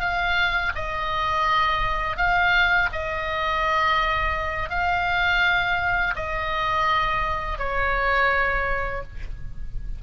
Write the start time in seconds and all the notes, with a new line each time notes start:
0.00 F5
0.75 D#5
2.17 F5
2.92 D#5
4.70 F5
6.16 D#5
7.58 C#5